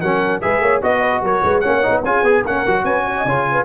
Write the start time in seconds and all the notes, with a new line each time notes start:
0.00 F#3 C#4 A#4 F#5
0.41 G#3 G#4 B4 E5
0.60 A#3 C#5
0.82 B3 F#4 D#5
1.01 B4
1.21 F#3 A#4 C#5
1.43 G#3 B4
1.60 A#3 C#4 C#5 F#5
1.82 D#4
1.88 B3
2.04 C#4 F4 G#4 G#5
2.23 B3 G#4
2.42 A#3 C#4 A#4 F#5
2.66 F#3 F#4
2.83 C#4 B4 G#5
3.04 C#5
3.17 D#5
3.25 C#3 F4 C#5
3.51 B4